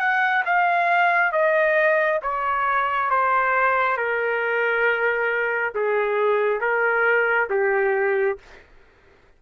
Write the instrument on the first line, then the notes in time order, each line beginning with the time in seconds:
trumpet
0.00 F#5
0.46 F5
1.33 D#5
2.23 C#5
3.10 C5
3.98 A#4
5.75 G#4
6.61 A#4
7.50 G4